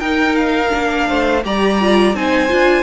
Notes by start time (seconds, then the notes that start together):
0.00 D#4 A#4 G5
0.36 F5
0.69 A#3 D4
1.08 A3 C5
1.44 G3 G4 D5 A#5
1.81 F4
2.14 C4 D#4 C5 G#5
2.49 D4 F4